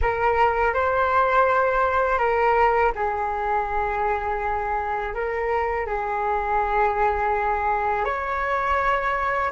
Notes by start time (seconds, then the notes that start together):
0.01 A#4
0.74 C5
2.18 A#4
2.95 G#4
5.14 A#4
5.86 G#4
8.04 C#5